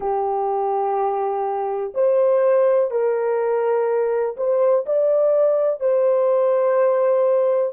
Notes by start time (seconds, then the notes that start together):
0.00 G4
1.94 C5
2.90 A#4
4.36 C5
4.86 D5
5.79 C5